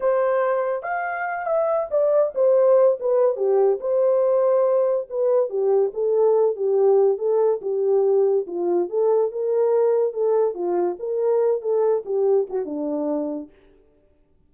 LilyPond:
\new Staff \with { instrumentName = "horn" } { \time 4/4 \tempo 4 = 142 c''2 f''4. e''8~ | e''8 d''4 c''4. b'4 | g'4 c''2. | b'4 g'4 a'4. g'8~ |
g'4 a'4 g'2 | f'4 a'4 ais'2 | a'4 f'4 ais'4. a'8~ | a'8 g'4 fis'8 d'2 | }